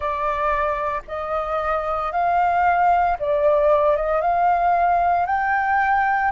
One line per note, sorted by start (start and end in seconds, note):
0.00 1.01 D5
1.07 2.11 D#5
2.11 3.17 F5
3.19 3.96 D5
3.96 4.21 D#5
4.21 5.26 F5
5.26 6.31 G5